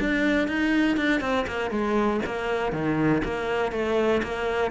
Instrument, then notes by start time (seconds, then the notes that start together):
cello
0.00 D4
0.47 D#4
0.97 D4
1.21 C4
1.47 A#3
1.70 G#3
2.26 A#3
2.72 D#3
3.24 A#3
3.72 A3
4.23 A#3